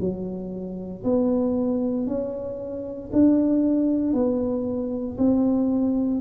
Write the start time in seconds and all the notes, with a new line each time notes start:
0.00 F#3
1.04 B3
2.07 C#4
3.13 D4
4.14 B3
5.18 C4